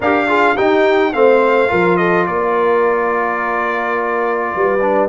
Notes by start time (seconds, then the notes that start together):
0.00 D4 G4 A#4 F5
0.27 F4 G#4
0.55 D#4 G4 G5
1.13 A3 C4 C5 F5
1.68 F3 F4 A#4
1.96 A4 D#5
2.26 A#3 A#4 D5
4.54 G3 B4
4.81 D4